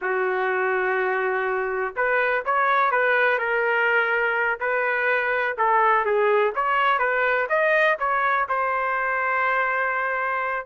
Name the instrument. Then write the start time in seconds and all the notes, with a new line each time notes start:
trumpet
0.01 F#4
1.96 B4
2.45 C#5
2.91 B4
3.38 A#4
4.60 B4
5.57 A4
6.05 G#4
6.55 C#5
6.98 B4
7.49 D#5
7.99 C#5
8.48 C5